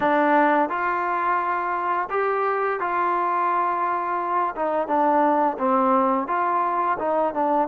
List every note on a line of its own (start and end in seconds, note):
0.00 0.69 D4
0.69 2.08 F4
2.10 2.79 G4
2.80 4.54 F4
4.55 4.87 D#4
4.87 5.57 D4
5.58 6.27 C4
6.27 6.97 F4
6.99 7.34 D#4
7.34 7.67 D4